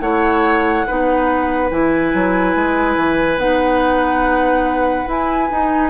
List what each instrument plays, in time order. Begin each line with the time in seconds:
0.00 bassoon A3, clarinet E4, oboe C#5, flute F#5
0.87 bassoon B3, clarinet D#4, oboe B4
1.70 bassoon E3, clarinet E4, flute G#5
2.14 bassoon F#3
2.55 bassoon G#3
2.96 bassoon E3
3.37 bassoon B3, clarinet D#4, flute F#5
5.06 clarinet E4, bassoon E4, flute G#5
5.51 bassoon D#4, clarinet D#4